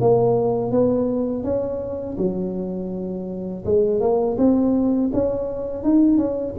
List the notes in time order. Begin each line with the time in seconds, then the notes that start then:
0.00 A#3
0.71 B3
1.43 C#4
2.17 F#3
3.65 G#3
4.00 A#3
4.37 C4
5.13 C#4
5.83 D#4
6.17 C#4